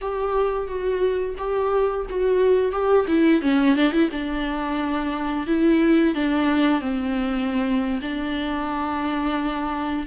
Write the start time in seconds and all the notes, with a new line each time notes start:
0.01 G4
0.67 F#4
1.37 G4
2.10 F#4
2.71 G4
3.07 E4
3.41 C#4
3.75 D4
3.92 E4
4.11 D4
5.46 E4
6.15 D4
6.80 C4
8.01 D4